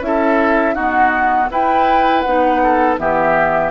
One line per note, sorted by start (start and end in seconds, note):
0.00 0.74 C#4
0.00 0.75 E4
0.00 0.75 E5
0.06 0.74 A4
0.74 1.51 B3
0.74 1.48 D#4
0.74 1.48 F#4
0.74 1.49 F#5
1.50 2.24 E4
1.50 2.25 E4
1.50 2.62 B4
1.50 2.21 G5
2.21 2.98 B3
2.21 2.97 D#4
2.21 2.95 F#5
2.63 3.00 A4
2.97 3.71 E3
2.97 3.71 B3
2.97 3.71 G4
2.97 3.71 E5